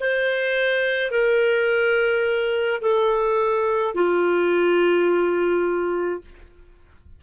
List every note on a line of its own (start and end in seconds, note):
0.00 1.11 C5
1.11 2.80 A#4
2.81 3.94 A4
3.94 6.21 F4